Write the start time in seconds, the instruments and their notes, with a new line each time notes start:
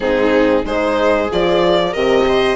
0.00 bassoon G#2, horn C4, viola D#4, violin G#4
0.64 bassoon G#3, horn D#4, viola G#4, violin C5
1.30 bassoon F3, horn F4, violin D5
1.92 bassoon C3, horn G4, viola A#4, violin D#5
2.28 viola C5